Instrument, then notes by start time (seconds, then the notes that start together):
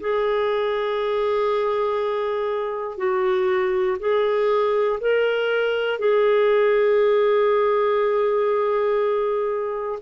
clarinet
0.00 G#4
2.97 F#4
3.99 G#4
5.00 A#4
5.99 G#4